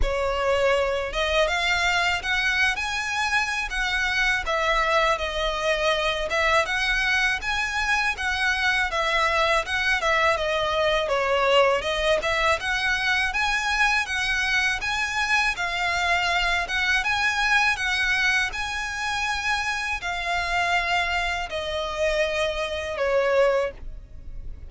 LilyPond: \new Staff \with { instrumentName = "violin" } { \time 4/4 \tempo 4 = 81 cis''4. dis''8 f''4 fis''8. gis''16~ | gis''4 fis''4 e''4 dis''4~ | dis''8 e''8 fis''4 gis''4 fis''4 | e''4 fis''8 e''8 dis''4 cis''4 |
dis''8 e''8 fis''4 gis''4 fis''4 | gis''4 f''4. fis''8 gis''4 | fis''4 gis''2 f''4~ | f''4 dis''2 cis''4 | }